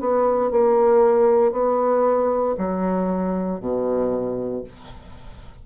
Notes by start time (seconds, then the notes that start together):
0.00 B3
0.51 A#3
1.51 B3
2.58 F#3
3.60 B2